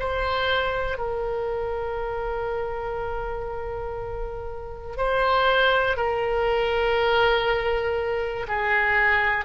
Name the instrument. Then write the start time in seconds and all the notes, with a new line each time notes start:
oboe
0.00 C5
0.98 A#4
4.98 C5
5.97 A#4
8.48 G#4